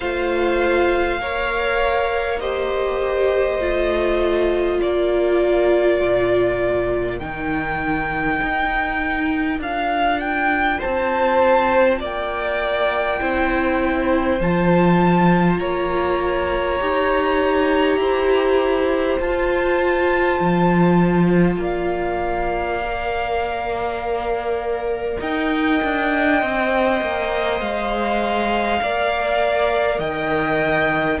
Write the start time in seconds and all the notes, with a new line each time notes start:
0.00 A3 F4 C5 F5
1.19 A#3 A#4 C#5
2.40 G4 C5 D#5
3.59 A3 F4
4.79 A#3 A#4 D5
6.00 A#2
7.18 D#3 D#4 G5
8.42 D#4
9.59 D4 F4 F5
10.20 G5
10.78 C5 A5
10.84 C4
11.99 A#3 D5 G5
13.20 C4 E4 C5
14.40 F3 F4 A5
15.58 A#3 C#5 A#5
16.80 D#4 G4
17.97 E4 C5
19.19 F4 A5
20.40 F3
21.57 A#3 D5
21.63 F5
22.83 A#4
25.20 D#4 D#5 G5
25.83 D4
26.39 C4 C5
27.01 A#3
27.60 G#3 F5
28.80 A#3 A#4 D5
29.98 D#3 D#5 G5